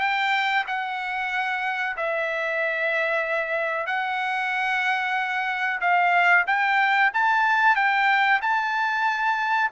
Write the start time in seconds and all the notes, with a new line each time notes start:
0.00 G5
0.67 F#5
1.97 E5
3.86 F#5
5.81 F5
6.47 G5
7.13 A5
7.76 G5
8.42 A5